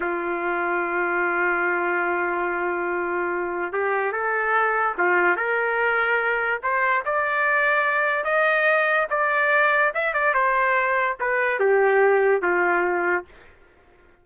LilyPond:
\new Staff \with { instrumentName = "trumpet" } { \time 4/4 \tempo 4 = 145 f'1~ | f'1~ | f'4 g'4 a'2 | f'4 ais'2. |
c''4 d''2. | dis''2 d''2 | e''8 d''8 c''2 b'4 | g'2 f'2 | }